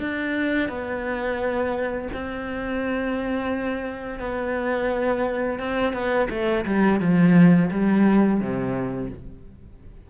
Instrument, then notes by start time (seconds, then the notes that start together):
cello
0.00 D4
0.69 B3
2.13 C4
4.20 B3
5.60 C4
5.93 B3
6.30 A3
6.65 G3
7.00 F3
7.71 G3
8.41 C3